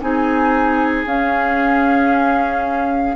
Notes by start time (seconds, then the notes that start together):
0.00 C4 D#4 G#4 G#5
1.05 C#4 F5